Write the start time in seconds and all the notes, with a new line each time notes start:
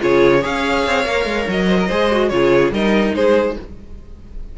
0.00 C#3 F4 G#4 C#5
0.40 C#4 G#4 C#5 F5
0.86 C4
1.04 A#3 A#4
1.24 G#3
1.48 F#3 D#5
1.67 C5
1.79 A#4
1.87 G#3 G#4 C5
2.11 F#4
2.29 C#3 F4 C#5
2.35 G#4
2.70 G3 D#4 A#4 D#5
3.14 G#3 G#4 C5